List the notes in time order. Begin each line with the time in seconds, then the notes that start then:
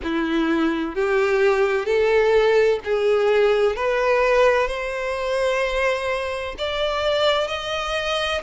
0.03 E4
0.95 G4
1.85 A4
2.84 G#4
3.75 B4
4.67 C5
6.58 D5
7.47 D#5